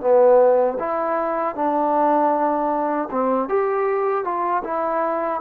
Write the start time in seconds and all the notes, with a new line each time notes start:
0.00 B3
0.79 E4
1.55 D4
3.10 C4
3.48 G4
4.24 F4
4.63 E4